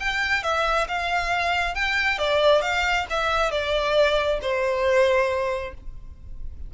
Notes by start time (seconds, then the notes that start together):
0.00 G5
0.43 E5
0.88 F5
1.75 G5
2.18 D5
2.62 F5
3.10 E5
3.52 D5
4.42 C5